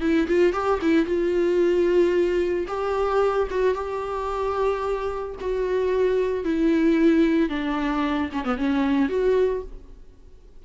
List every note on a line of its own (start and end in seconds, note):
0.00 0.27 E4
0.27 0.53 F4
0.53 0.79 G4
0.81 1.05 E4
1.05 2.66 F4
2.67 3.47 G4
3.50 3.74 F#4
3.74 5.35 G4
5.40 6.44 F#4
6.44 7.49 E4
7.49 8.29 D4
8.32 8.44 C#4
8.44 8.57 B3
8.57 9.08 C#4
9.08 9.62 F#4